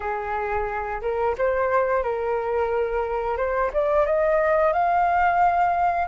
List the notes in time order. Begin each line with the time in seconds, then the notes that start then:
0.00 G#4
1.01 A#4
1.38 C5
2.03 A#4
3.37 C5
3.73 D5
4.05 D#5
4.72 F5